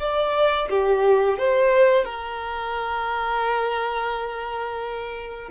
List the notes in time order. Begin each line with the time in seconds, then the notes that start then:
0.00 D5
0.70 G4
1.39 C5
2.05 A#4